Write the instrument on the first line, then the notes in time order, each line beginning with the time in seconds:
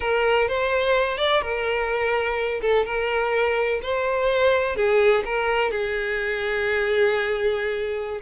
violin
0.00 A#4
0.48 C5
1.17 D5
1.41 A#4
2.61 A4
2.85 A#4
3.82 C5
4.76 G#4
5.25 A#4
5.71 G#4